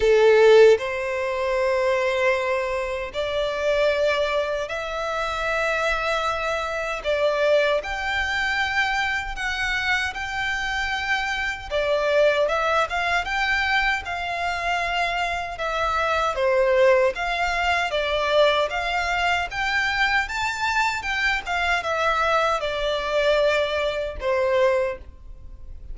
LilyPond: \new Staff \with { instrumentName = "violin" } { \time 4/4 \tempo 4 = 77 a'4 c''2. | d''2 e''2~ | e''4 d''4 g''2 | fis''4 g''2 d''4 |
e''8 f''8 g''4 f''2 | e''4 c''4 f''4 d''4 | f''4 g''4 a''4 g''8 f''8 | e''4 d''2 c''4 | }